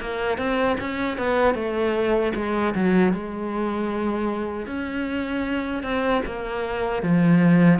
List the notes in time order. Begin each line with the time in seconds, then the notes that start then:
0.00 A#3
0.37 C4
0.80 C#4
1.17 B3
1.54 A3
2.35 G#3
2.74 F#3
3.12 G#3
4.66 C#4
5.83 C4
6.26 A#3
7.02 F3